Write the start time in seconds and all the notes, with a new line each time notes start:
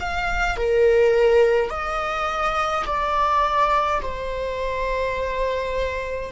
0.00 F5
0.57 A#4
1.69 D#5
2.86 D5
4.02 C5